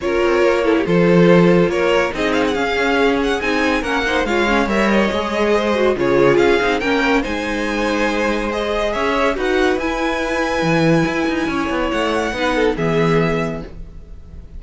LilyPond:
<<
  \new Staff \with { instrumentName = "violin" } { \time 4/4 \tempo 4 = 141 cis''2 c''2 | cis''4 dis''8 f''16 fis''16 f''4. fis''8 | gis''4 fis''4 f''4 e''8 dis''8~ | dis''2 cis''4 f''4 |
g''4 gis''2. | dis''4 e''4 fis''4 gis''4~ | gis''1 | fis''2 e''2 | }
  \new Staff \with { instrumentName = "violin" } { \time 4/4 ais'4. a'16 g'16 a'2 | ais'4 gis'2.~ | gis'4 ais'8 c''8 cis''2~ | cis''4 c''4 gis'2 |
ais'4 c''2.~ | c''4 cis''4 b'2~ | b'2. cis''4~ | cis''4 b'8 a'8 gis'2 | }
  \new Staff \with { instrumentName = "viola" } { \time 4/4 f'4. e'8 f'2~ | f'4 dis'4 cis'2 | dis'4 cis'8 dis'8 f'8 cis'8 ais'4 | gis'4. fis'8 f'4. dis'8 |
cis'4 dis'2. | gis'2 fis'4 e'4~ | e'1~ | e'4 dis'4 b2 | }
  \new Staff \with { instrumentName = "cello" } { \time 4/4 cis'8 c'8 ais4 f2 | ais4 c'4 cis'2 | c'4 ais4 gis4 g4 | gis2 cis4 cis'8 c'8 |
ais4 gis2.~ | gis4 cis'4 dis'4 e'4~ | e'4 e4 e'8 dis'8 cis'8 b8 | a4 b4 e2 | }
>>